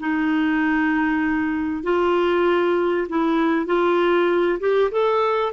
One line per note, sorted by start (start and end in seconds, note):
0.00 1.84 D#4
1.84 3.08 F4
3.09 3.66 E4
3.66 4.59 F4
4.60 4.91 G4
4.92 5.53 A4